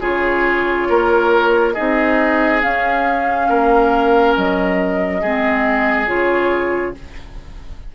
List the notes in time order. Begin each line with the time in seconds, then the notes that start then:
0.00 C#3 F4 G#4 C#5
0.89 A#3 A#4
1.73 C4 D#4 G#4 D#5
2.61 C#4 F5
3.49 A#3 A#4
4.36 F#3 D#5
5.21 G#3 C4 G#4
6.07 C#3 F4 C#5